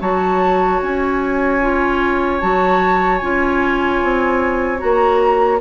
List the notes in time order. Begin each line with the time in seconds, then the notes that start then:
0.00 F#3 F#4 C#5 A5
0.82 C#4 G#5
1.61 F4
2.41 F#3 F#4 A5
3.19 C#4 F4 G#5
4.03 C4
4.78 A#3 F#4 A#5